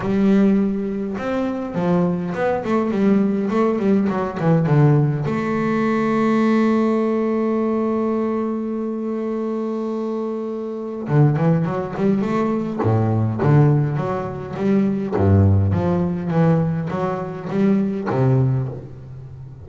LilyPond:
\new Staff \with { instrumentName = "double bass" } { \time 4/4 \tempo 4 = 103 g2 c'4 f4 | b8 a8 g4 a8 g8 fis8 e8 | d4 a2.~ | a1~ |
a2. d8 e8 | fis8 g8 a4 a,4 d4 | fis4 g4 g,4 f4 | e4 fis4 g4 c4 | }